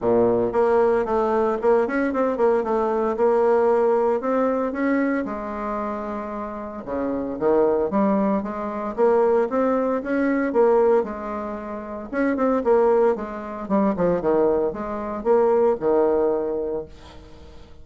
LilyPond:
\new Staff \with { instrumentName = "bassoon" } { \time 4/4 \tempo 4 = 114 ais,4 ais4 a4 ais8 cis'8 | c'8 ais8 a4 ais2 | c'4 cis'4 gis2~ | gis4 cis4 dis4 g4 |
gis4 ais4 c'4 cis'4 | ais4 gis2 cis'8 c'8 | ais4 gis4 g8 f8 dis4 | gis4 ais4 dis2 | }